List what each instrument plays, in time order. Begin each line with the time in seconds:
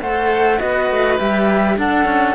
0.00 cello A3 A4, oboe C5, flute F#5
0.58 cello B3 F#4, oboe B4, flute D#5
0.90 cello A3
1.17 cello G3 G4, flute E5
1.77 cello D4, oboe A4, flute F#5
2.05 cello C#4